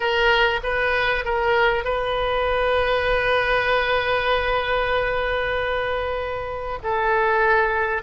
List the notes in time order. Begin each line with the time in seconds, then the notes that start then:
0.00 A#4
0.63 B4
1.25 A#4
1.84 B4
6.83 A4